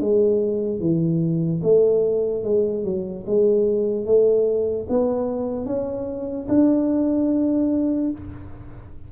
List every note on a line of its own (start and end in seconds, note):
0.00 0.80 G#3
0.80 1.61 E3
1.63 2.43 A3
2.43 2.84 G#3
2.84 3.24 F#3
3.26 4.05 G#3
4.05 4.86 A3
4.89 5.65 B3
5.65 6.46 C#4
6.48 8.10 D4